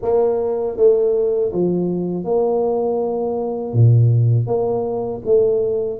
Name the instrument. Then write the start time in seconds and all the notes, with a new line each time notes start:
tuba
0.02 A#3
0.77 A3
1.52 F3
2.24 A#3
3.73 A#2
4.46 A#3
5.25 A3